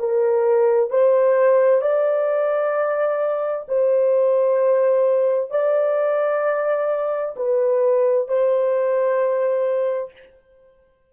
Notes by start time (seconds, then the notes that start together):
0.00 A#4
0.91 C5
1.82 D5
3.68 C5
5.51 D5
7.37 B4
8.29 C5